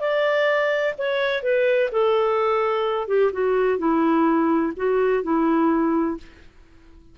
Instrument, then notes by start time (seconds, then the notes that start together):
clarinet
0.00 D5
0.98 C#5
1.43 B4
1.92 A4
3.08 G4
3.33 F#4
3.78 E4
4.77 F#4
5.23 E4